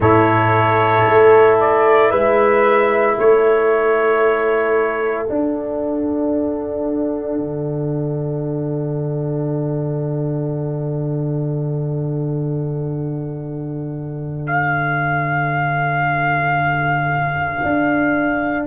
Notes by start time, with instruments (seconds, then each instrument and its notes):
0.00 tuba A2, trombone E4, horn A4, trumpet C#5
1.06 tuba A3
1.59 trumpet D5
2.09 tuba G#3, horn B4, trumpet E5
3.18 tuba A3, horn A4, trumpet C#5
5.25 trombone D4, tuba D4, trumpet F#5
7.37 tuba D3
14.46 trumpet F5
17.63 tuba D4